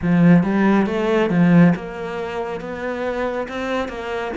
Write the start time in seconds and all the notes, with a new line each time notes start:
0.02 F3
0.43 G3
0.86 A3
1.30 F3
1.75 A#3
2.60 B3
3.48 C4
3.88 A#3